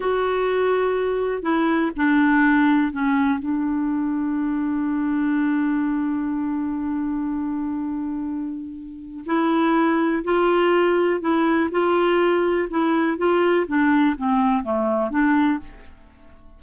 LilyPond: \new Staff \with { instrumentName = "clarinet" } { \time 4/4 \tempo 4 = 123 fis'2. e'4 | d'2 cis'4 d'4~ | d'1~ | d'1~ |
d'2. e'4~ | e'4 f'2 e'4 | f'2 e'4 f'4 | d'4 c'4 a4 d'4 | }